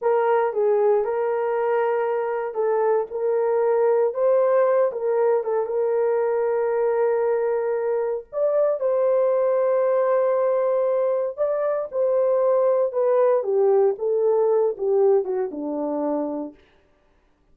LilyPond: \new Staff \with { instrumentName = "horn" } { \time 4/4 \tempo 4 = 116 ais'4 gis'4 ais'2~ | ais'4 a'4 ais'2 | c''4. ais'4 a'8 ais'4~ | ais'1 |
d''4 c''2.~ | c''2 d''4 c''4~ | c''4 b'4 g'4 a'4~ | a'8 g'4 fis'8 d'2 | }